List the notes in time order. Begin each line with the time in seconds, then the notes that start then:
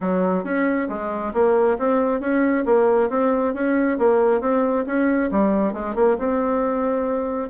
0.00 F#3
0.44 C#4
0.88 G#3
1.33 A#3
1.78 C4
2.20 C#4
2.65 A#3
3.09 C4
3.54 C#4
3.98 A#3
4.41 C4
4.86 C#4
5.31 G3
5.73 G#3
5.95 A#3
6.18 C4